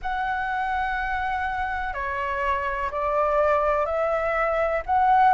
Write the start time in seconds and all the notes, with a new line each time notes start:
0.01 F#5
1.93 C#5
2.91 D5
3.85 E5
4.86 F#5